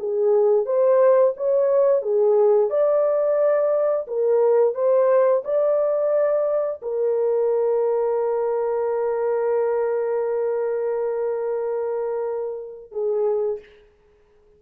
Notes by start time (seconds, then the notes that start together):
0.00 G#4
0.66 C5
1.37 C#5
2.02 G#4
2.71 D5
4.08 A#4
4.75 C5
5.45 D5
6.82 A#4
12.92 G#4